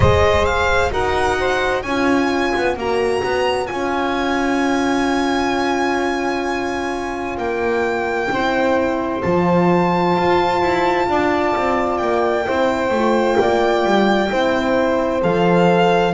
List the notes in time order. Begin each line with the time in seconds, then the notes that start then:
0.00 G#3 G#4 C5 D#5
0.45 F5
0.91 D#4 F#4 A#4 F#5
1.39 C5
1.82 C#4 F4 C#5 G#5
2.56 B3
2.76 A#3 F#4 A#5
3.23 B3
3.66 C#4 F4 G#5
7.37 A#3 G5
8.30 C4 E4 C5
9.22 F3 F4 A5
10.16 F4
10.61 E4
11.08 D4 D5
11.56 C4
11.97 A#3 G5
12.45 C4 E4 C5
12.90 A3 F4
13.38 A#3 D5
13.84 G3
14.30 C4 E4 C5
15.21 F3 A4 F5